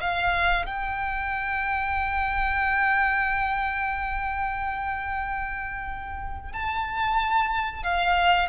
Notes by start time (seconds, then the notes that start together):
0.00 F5
0.65 G5
6.53 A5
7.83 F5